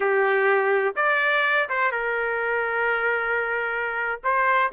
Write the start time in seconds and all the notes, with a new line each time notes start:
0.00 G4
0.96 D5
1.69 C5
1.91 A#4
4.23 C5